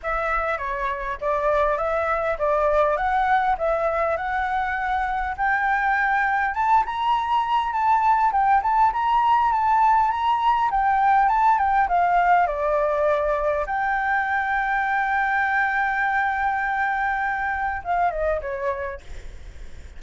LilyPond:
\new Staff \with { instrumentName = "flute" } { \time 4/4 \tempo 4 = 101 e''4 cis''4 d''4 e''4 | d''4 fis''4 e''4 fis''4~ | fis''4 g''2 a''8 ais''8~ | ais''4 a''4 g''8 a''8 ais''4 |
a''4 ais''4 g''4 a''8 g''8 | f''4 d''2 g''4~ | g''1~ | g''2 f''8 dis''8 cis''4 | }